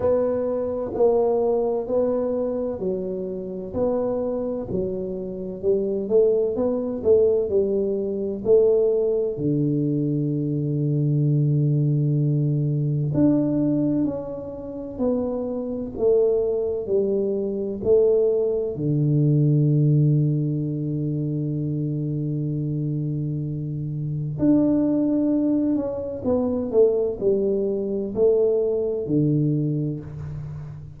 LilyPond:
\new Staff \with { instrumentName = "tuba" } { \time 4/4 \tempo 4 = 64 b4 ais4 b4 fis4 | b4 fis4 g8 a8 b8 a8 | g4 a4 d2~ | d2 d'4 cis'4 |
b4 a4 g4 a4 | d1~ | d2 d'4. cis'8 | b8 a8 g4 a4 d4 | }